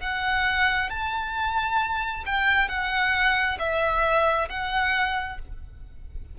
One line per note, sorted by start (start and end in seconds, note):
0.00 0.90 F#5
0.90 2.24 A5
2.26 2.68 G5
2.68 3.58 F#5
3.59 4.48 E5
4.49 5.39 F#5